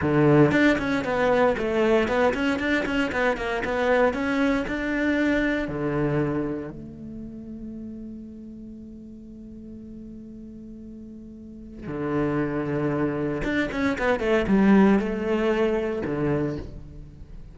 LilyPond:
\new Staff \with { instrumentName = "cello" } { \time 4/4 \tempo 4 = 116 d4 d'8 cis'8 b4 a4 | b8 cis'8 d'8 cis'8 b8 ais8 b4 | cis'4 d'2 d4~ | d4 a2.~ |
a1~ | a2. d4~ | d2 d'8 cis'8 b8 a8 | g4 a2 d4 | }